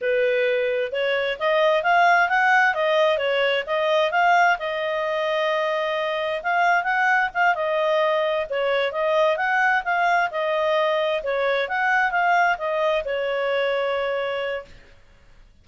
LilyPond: \new Staff \with { instrumentName = "clarinet" } { \time 4/4 \tempo 4 = 131 b'2 cis''4 dis''4 | f''4 fis''4 dis''4 cis''4 | dis''4 f''4 dis''2~ | dis''2 f''4 fis''4 |
f''8 dis''2 cis''4 dis''8~ | dis''8 fis''4 f''4 dis''4.~ | dis''8 cis''4 fis''4 f''4 dis''8~ | dis''8 cis''2.~ cis''8 | }